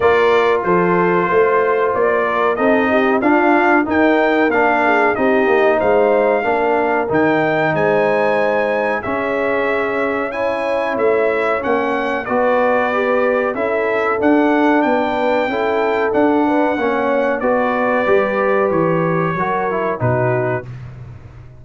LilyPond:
<<
  \new Staff \with { instrumentName = "trumpet" } { \time 4/4 \tempo 4 = 93 d''4 c''2 d''4 | dis''4 f''4 g''4 f''4 | dis''4 f''2 g''4 | gis''2 e''2 |
gis''4 e''4 fis''4 d''4~ | d''4 e''4 fis''4 g''4~ | g''4 fis''2 d''4~ | d''4 cis''2 b'4 | }
  \new Staff \with { instrumentName = "horn" } { \time 4/4 ais'4 a'4 c''4. ais'8 | a'8 g'8 f'4 ais'4. gis'8 | g'4 c''4 ais'2 | c''2 gis'2 |
cis''2. b'4~ | b'4 a'2 b'4 | a'4. b'8 cis''4 b'4~ | b'2 ais'4 fis'4 | }
  \new Staff \with { instrumentName = "trombone" } { \time 4/4 f'1 | dis'4 d'4 dis'4 d'4 | dis'2 d'4 dis'4~ | dis'2 cis'2 |
e'2 cis'4 fis'4 | g'4 e'4 d'2 | e'4 d'4 cis'4 fis'4 | g'2 fis'8 e'8 dis'4 | }
  \new Staff \with { instrumentName = "tuba" } { \time 4/4 ais4 f4 a4 ais4 | c'4 d'4 dis'4 ais4 | c'8 ais8 gis4 ais4 dis4 | gis2 cis'2~ |
cis'4 a4 ais4 b4~ | b4 cis'4 d'4 b4 | cis'4 d'4 ais4 b4 | g4 e4 fis4 b,4 | }
>>